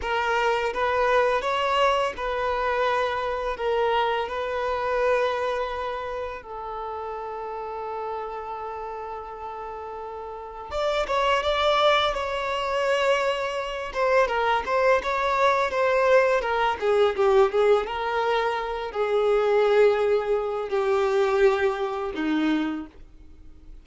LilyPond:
\new Staff \with { instrumentName = "violin" } { \time 4/4 \tempo 4 = 84 ais'4 b'4 cis''4 b'4~ | b'4 ais'4 b'2~ | b'4 a'2.~ | a'2. d''8 cis''8 |
d''4 cis''2~ cis''8 c''8 | ais'8 c''8 cis''4 c''4 ais'8 gis'8 | g'8 gis'8 ais'4. gis'4.~ | gis'4 g'2 dis'4 | }